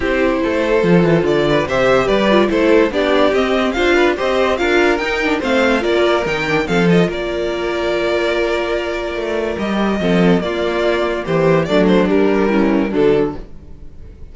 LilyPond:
<<
  \new Staff \with { instrumentName = "violin" } { \time 4/4 \tempo 4 = 144 c''2. d''4 | e''4 d''4 c''4 d''4 | dis''4 f''4 dis''4 f''4 | g''4 f''4 d''4 g''4 |
f''8 dis''8 d''2.~ | d''2. dis''4~ | dis''4 d''2 c''4 | d''8 c''8 ais'2 a'4 | }
  \new Staff \with { instrumentName = "violin" } { \time 4/4 g'4 a'2~ a'8 b'8 | c''4 b'4 a'4 g'4~ | g'4 c''8 b'8 c''4 ais'4~ | ais'4 c''4 ais'2 |
a'4 ais'2.~ | ais'1 | a'4 f'2 g'4 | d'2 cis'4 d'4 | }
  \new Staff \with { instrumentName = "viola" } { \time 4/4 e'2 f'2 | g'4. f'8 e'4 d'4 | c'4 f'4 g'4 f'4 | dis'8 d'8 c'4 f'4 dis'8 d'8 |
c'8 f'2.~ f'8~ | f'2. g'4 | c'4 ais2. | a4 g4 e4 fis4 | }
  \new Staff \with { instrumentName = "cello" } { \time 4/4 c'4 a4 f8 e8 d4 | c4 g4 a4 b4 | c'4 d'4 c'4 d'4 | dis'4 a4 ais4 dis4 |
f4 ais2.~ | ais2 a4 g4 | f4 ais2 e4 | fis4 g2 d4 | }
>>